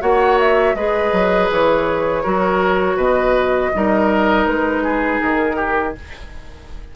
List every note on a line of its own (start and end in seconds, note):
0.00 0.74 A#3
0.00 0.74 F#4
0.00 0.75 C#5
0.00 0.38 F#5
0.39 0.75 E5
0.74 1.11 G#3
0.74 2.24 G#4
0.74 2.23 B4
0.74 1.49 D#5
1.12 1.49 F#3
1.50 2.25 E3
1.50 2.99 C#5
2.23 2.96 F#3
2.23 3.72 F#4
2.23 2.96 A#4
2.96 3.70 B2
2.96 3.70 B4
2.96 4.46 D#5
3.73 4.46 G3
3.73 5.95 D#4
3.73 4.83 A#4
4.46 5.20 G#3
4.46 5.20 B4
4.83 5.56 G#4
5.20 5.95 D#3
5.20 5.94 A#4
5.56 5.93 G4